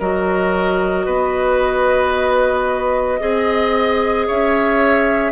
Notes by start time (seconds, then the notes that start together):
0.00 F#3 F#4 A#4 D#5
1.06 B3 B4
3.20 C4 G#4 D#5
4.27 C#4 C#5 E5